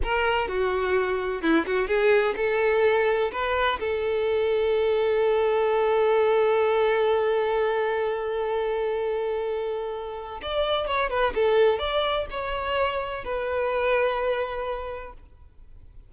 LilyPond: \new Staff \with { instrumentName = "violin" } { \time 4/4 \tempo 4 = 127 ais'4 fis'2 e'8 fis'8 | gis'4 a'2 b'4 | a'1~ | a'1~ |
a'1~ | a'2 d''4 cis''8 b'8 | a'4 d''4 cis''2 | b'1 | }